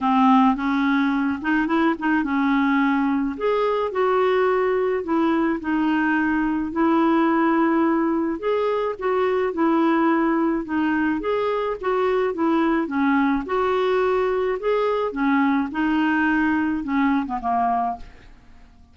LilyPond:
\new Staff \with { instrumentName = "clarinet" } { \time 4/4 \tempo 4 = 107 c'4 cis'4. dis'8 e'8 dis'8 | cis'2 gis'4 fis'4~ | fis'4 e'4 dis'2 | e'2. gis'4 |
fis'4 e'2 dis'4 | gis'4 fis'4 e'4 cis'4 | fis'2 gis'4 cis'4 | dis'2 cis'8. b16 ais4 | }